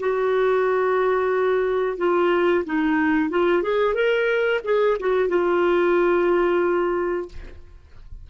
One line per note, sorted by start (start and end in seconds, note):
0.00 1.98 F#4
1.98 2.65 F4
2.65 3.30 D#4
3.30 3.63 F4
3.63 3.95 G#4
3.95 4.61 A#4
4.65 4.98 G#4
5.00 5.29 F#4
5.29 7.29 F4